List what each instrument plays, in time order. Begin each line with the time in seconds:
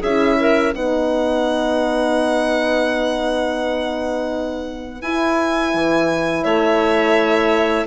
0.00 bassoon C#4, horn E4, clarinet G#4, violin E5
0.40 clarinet A#4
0.74 bassoon B3, horn D#4, clarinet B4, violin F#5
5.01 bassoon E4, horn E4, violin G#5
5.74 bassoon E3
6.43 bassoon A3, clarinet C#5, violin E5